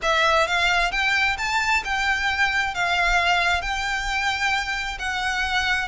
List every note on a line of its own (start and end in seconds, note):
0.02 0.47 E5
0.47 0.91 F5
0.91 1.37 G5
1.37 1.83 A5
1.84 2.74 G5
2.74 3.61 F5
3.61 4.98 G5
4.99 5.88 F#5